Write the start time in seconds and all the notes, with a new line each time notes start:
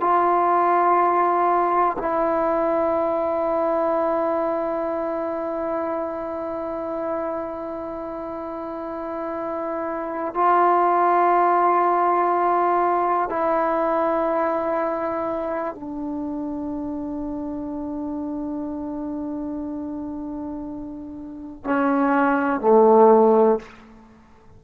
0.00 F4
1.98 E4
10.34 F4
13.29 E4
15.74 D4
21.64 C#4
22.61 A3